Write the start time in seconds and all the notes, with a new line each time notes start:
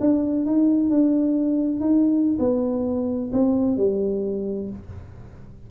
0.00 D4
0.45 D#4
0.90 D4
1.80 D#4
2.39 B3
3.32 C4
3.77 G3